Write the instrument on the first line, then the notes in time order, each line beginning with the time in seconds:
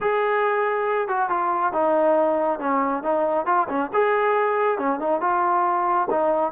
trombone
0.00 G#4
1.08 F#4
1.29 F4
1.73 D#4
2.59 C#4
3.03 D#4
3.46 F4
3.69 C#4
3.93 G#4
4.78 C#4
4.99 D#4
5.21 F4
6.10 D#4